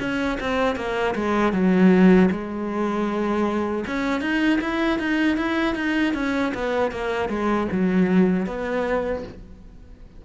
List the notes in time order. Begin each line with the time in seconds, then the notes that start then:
0.00 C#4
0.40 C4
0.76 A#3
1.15 G#3
1.53 F#3
2.31 G#3
3.87 C#4
4.21 D#4
4.61 E4
4.99 D#4
5.37 E4
5.75 D#4
6.14 C#4
6.54 B3
6.92 A#3
7.29 G#3
7.72 F#3
8.47 B3